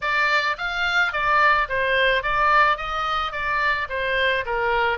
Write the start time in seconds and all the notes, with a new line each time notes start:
0.01 D5
0.58 F5
1.12 D5
1.68 C5
2.22 D5
2.77 D#5
3.32 D5
3.89 C5
4.45 A#4